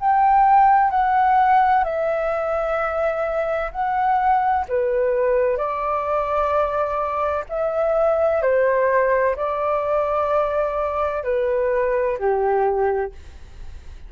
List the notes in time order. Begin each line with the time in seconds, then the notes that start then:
0.00 G5
0.90 F#5
1.84 E5
3.72 F#5
4.68 B4
5.57 D5
7.49 E5
8.42 C5
9.36 D5
11.24 B4
12.18 G4